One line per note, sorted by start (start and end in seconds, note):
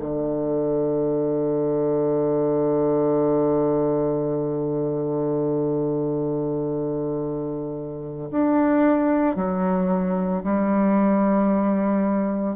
0.00 8.30 D3
8.31 9.36 D4
9.36 10.43 F#3
10.44 12.56 G3